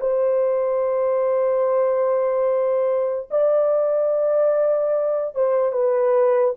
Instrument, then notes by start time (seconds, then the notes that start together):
horn
0.00 C5
3.30 D5
5.35 C5
5.72 B4